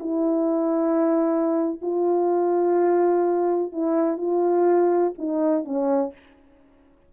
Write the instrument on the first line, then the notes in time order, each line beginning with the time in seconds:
horn
0.00 E4
1.82 F4
3.73 E4
4.18 F4
5.18 D#4
5.65 C#4